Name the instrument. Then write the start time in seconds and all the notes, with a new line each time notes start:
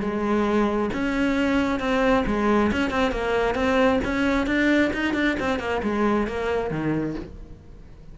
cello
0.00 G#3
0.93 C#4
1.79 C4
2.26 G#3
2.72 C#4
2.90 C4
3.11 A#3
3.54 C4
4.04 C#4
4.46 D4
4.93 D#4
5.14 D4
5.39 C4
5.59 A#3
5.82 G#3
6.27 A#3
6.70 D#3